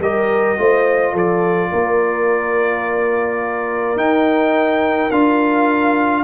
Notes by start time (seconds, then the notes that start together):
0.00 G3 G4 A#4 D#5
0.58 A3 F4 C5
1.13 F3 A4 D5
1.72 A#3 A#4
3.96 D#4 G5
5.11 D4 F4 F5